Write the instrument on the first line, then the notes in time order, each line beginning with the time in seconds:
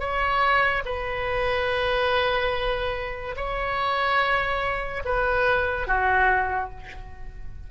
oboe
0.00 C#5
0.86 B4
3.36 C#5
5.05 B4
5.87 F#4